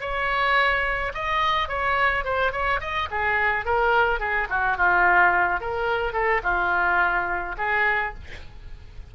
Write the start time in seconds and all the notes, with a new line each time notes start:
0.00 C#5
1.14 D#5
1.68 C#5
2.24 C5
2.52 C#5
2.80 D#5
3.10 G#4
3.65 A#4
4.20 G#4
4.49 F#4
4.77 F4
5.60 A#4
6.12 A4
6.43 F4
7.58 G#4